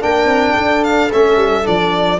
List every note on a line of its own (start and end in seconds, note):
0.00 0.25 A#3
0.00 1.09 D4
0.00 0.54 A#4
0.00 0.84 G5
0.25 0.52 C4
0.54 1.11 D4
0.54 2.18 A4
0.84 1.11 F5
1.12 1.36 A3
1.12 1.64 C#4
1.12 1.66 E5
1.36 1.64 G3
1.64 2.19 F3
1.64 2.18 D4
1.64 2.19 D5